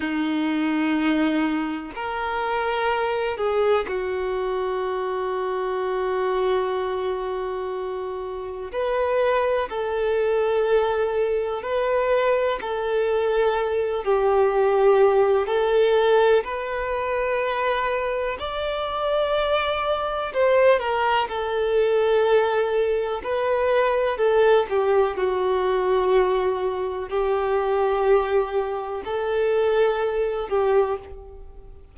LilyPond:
\new Staff \with { instrumentName = "violin" } { \time 4/4 \tempo 4 = 62 dis'2 ais'4. gis'8 | fis'1~ | fis'4 b'4 a'2 | b'4 a'4. g'4. |
a'4 b'2 d''4~ | d''4 c''8 ais'8 a'2 | b'4 a'8 g'8 fis'2 | g'2 a'4. g'8 | }